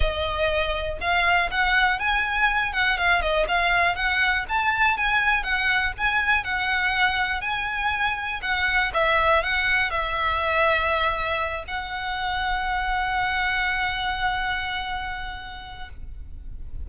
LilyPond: \new Staff \with { instrumentName = "violin" } { \time 4/4 \tempo 4 = 121 dis''2 f''4 fis''4 | gis''4. fis''8 f''8 dis''8 f''4 | fis''4 a''4 gis''4 fis''4 | gis''4 fis''2 gis''4~ |
gis''4 fis''4 e''4 fis''4 | e''2.~ e''8 fis''8~ | fis''1~ | fis''1 | }